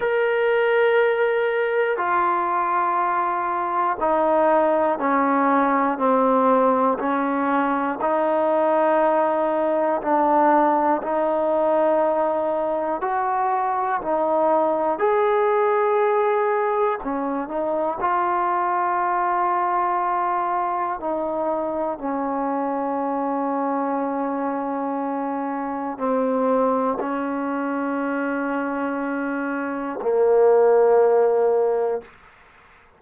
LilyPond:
\new Staff \with { instrumentName = "trombone" } { \time 4/4 \tempo 4 = 60 ais'2 f'2 | dis'4 cis'4 c'4 cis'4 | dis'2 d'4 dis'4~ | dis'4 fis'4 dis'4 gis'4~ |
gis'4 cis'8 dis'8 f'2~ | f'4 dis'4 cis'2~ | cis'2 c'4 cis'4~ | cis'2 ais2 | }